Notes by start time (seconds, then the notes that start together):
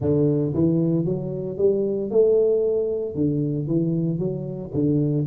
0.00 D3
0.54 E3
1.05 F#3
1.57 G3
2.10 A3
3.14 D3
3.67 E3
4.18 F#3
4.74 D3